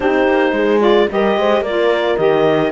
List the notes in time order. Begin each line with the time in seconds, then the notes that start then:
0.00 C4 D#4 G4 C5
0.28 A#3
0.52 G#3 G#4
0.79 F4 D5
1.10 G3 G4 A#4 D#5
1.36 G#3 C5
1.60 A#3 F4 A#4 D5
2.17 D#3 G4 D#5